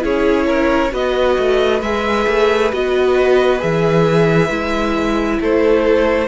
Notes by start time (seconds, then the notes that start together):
0.00 C#4 E4 G#4 C#5
0.46 A#4
0.91 B3 F#4 B4 D#5
1.38 A3
1.81 G#3 G#4 E5
2.27 A3
2.72 B3 F#4 D#5
3.59 E3 G#4 E5
4.49 G#3 E4
5.40 A3 A4 C5